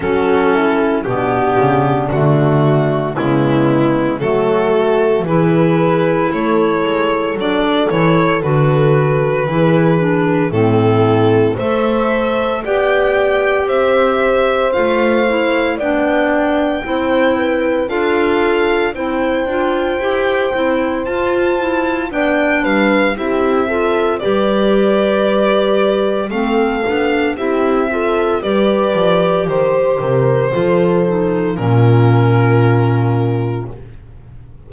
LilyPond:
<<
  \new Staff \with { instrumentName = "violin" } { \time 4/4 \tempo 4 = 57 a'4 g'4 fis'4 e'4 | a'4 b'4 cis''4 d''8 cis''8 | b'2 a'4 e''4 | g''4 e''4 f''4 g''4~ |
g''4 f''4 g''2 | a''4 g''8 f''8 e''4 d''4~ | d''4 f''4 e''4 d''4 | c''2 ais'2 | }
  \new Staff \with { instrumentName = "horn" } { \time 4/4 fis'8 e'8 d'2 b4 | fis'4 gis'4 a'2~ | a'4 gis'4 e'4 c''4 | d''4 c''2 d''4 |
c''8 b'8 a'4 c''2~ | c''4 d''8 b'8 g'8 a'8 b'4~ | b'4 a'4 g'8 a'8 b'4 | c''8 ais'8 a'4 f'2 | }
  \new Staff \with { instrumentName = "clarinet" } { \time 4/4 cis'4 b4 a4 gis4 | a4 e'2 d'8 e'8 | fis'4 e'8 d'8 c'4 a'4 | g'2 f'8 e'8 d'4 |
e'4 f'4 e'8 f'8 g'8 e'8 | f'8 e'8 d'4 e'8 f'8 g'4~ | g'4 c'8 d'8 e'8 f'8 g'4~ | g'4 f'8 dis'8 cis'2 | }
  \new Staff \with { instrumentName = "double bass" } { \time 4/4 fis4 b,8 cis8 d4 cis4 | fis4 e4 a8 gis8 fis8 e8 | d4 e4 a,4 a4 | b4 c'4 a4 b4 |
c'4 d'4 c'8 d'8 e'8 c'8 | f'4 b8 g8 c'4 g4~ | g4 a8 b8 c'4 g8 f8 | dis8 c8 f4 ais,2 | }
>>